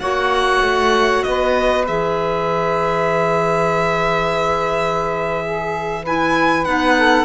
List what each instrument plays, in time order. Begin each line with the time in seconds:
0.00 cello A#3, clarinet F#4, saxophone C#5, violin F#5
0.62 cello A3
1.23 cello B3, saxophone B4, violin D#5
1.85 cello E3, clarinet G#4, violin E5
5.45 saxophone G#4
6.04 clarinet E4, saxophone B4, violin G#5
6.65 cello B3, clarinet D#4, violin F#5
6.99 saxophone A4